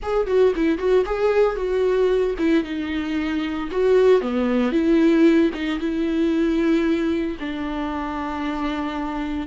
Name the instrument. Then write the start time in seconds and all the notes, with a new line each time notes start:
viola
0.02 G#4
0.26 F#4
0.55 E4
0.78 F#4
1.05 G#4
1.56 F#4
2.38 E4
2.63 D#4
3.71 F#4
4.21 B3
4.72 E4
5.54 D#4
5.79 E4
7.39 D4